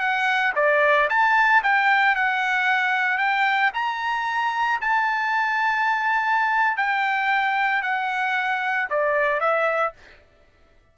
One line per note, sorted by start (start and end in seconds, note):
0.00 0.53 F#5
0.56 1.09 D5
1.10 1.63 A5
1.63 2.16 G5
2.16 3.18 F#5
3.18 3.71 G5
3.74 4.80 A#5
4.81 6.77 A5
6.77 7.82 G5
7.82 8.89 F#5
8.90 9.40 D5
9.40 9.93 E5